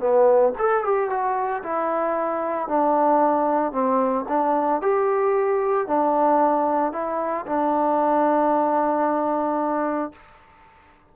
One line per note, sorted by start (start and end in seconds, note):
0.00 0.53 B3
0.59 0.84 A4
0.84 1.10 G4
1.10 1.63 F#4
1.64 2.68 E4
2.68 3.72 D4
3.72 4.25 C4
4.29 4.82 D4
4.82 5.87 G4
5.87 6.93 D4
6.93 7.46 E4
7.47 10.12 D4